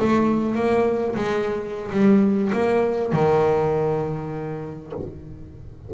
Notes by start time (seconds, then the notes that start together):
0.00 A3
0.55 A#3
1.16 G#3
1.91 G3
2.53 A#3
3.13 D#3